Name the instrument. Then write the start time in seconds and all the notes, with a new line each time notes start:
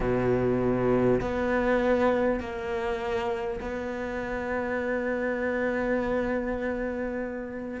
cello
0.00 B2
1.20 B3
2.40 A#3
3.60 B3